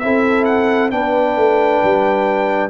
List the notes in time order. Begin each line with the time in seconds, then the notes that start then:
0.00 C4 E4 A4 E5
0.45 F#5
0.91 B3 D4 B4 G5
1.37 A3
1.84 G3